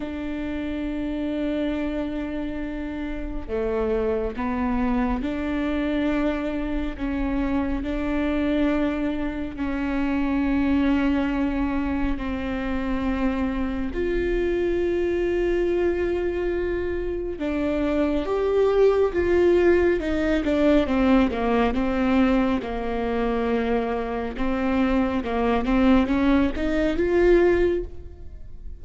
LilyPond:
\new Staff \with { instrumentName = "viola" } { \time 4/4 \tempo 4 = 69 d'1 | a4 b4 d'2 | cis'4 d'2 cis'4~ | cis'2 c'2 |
f'1 | d'4 g'4 f'4 dis'8 d'8 | c'8 ais8 c'4 ais2 | c'4 ais8 c'8 cis'8 dis'8 f'4 | }